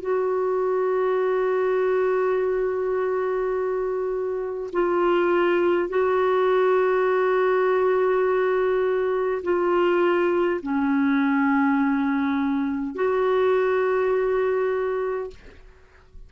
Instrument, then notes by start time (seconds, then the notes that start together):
clarinet
0.00 F#4
4.73 F4
5.89 F#4
9.43 F4
10.62 C#4
12.95 F#4